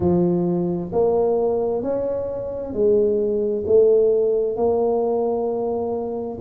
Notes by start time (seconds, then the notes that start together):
0.00 F3
0.92 A#3
1.82 C#4
2.73 G#3
3.66 A3
4.56 A#3